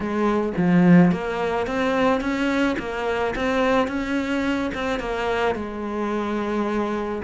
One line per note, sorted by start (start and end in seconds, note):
0.00 0.53 G#3
0.57 1.11 F3
1.11 1.67 A#3
1.67 2.20 C4
2.20 2.76 C#4
2.79 3.34 A#3
3.35 3.87 C4
3.87 4.71 C#4
4.74 4.99 C4
4.99 5.55 A#3
5.55 7.21 G#3